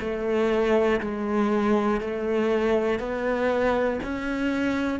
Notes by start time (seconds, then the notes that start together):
0.00 A3
1.00 G#3
2.01 A3
3.00 B3
4.03 C#4